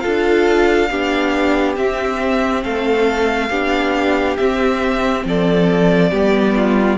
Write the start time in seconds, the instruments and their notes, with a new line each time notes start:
0.00 viola F4, violin A4 F5
0.06 cello D4
0.91 cello B3, viola D4, violin G4
1.76 viola C4, cello C4, violin E5
2.64 cello A3, violin A4 F5
3.50 cello B3, viola D4, violin G4
4.37 viola C4, cello C4, violin E5
5.25 cello F3, violin A4 D5
6.11 cello G3, viola B3, violin G4
6.56 violin F4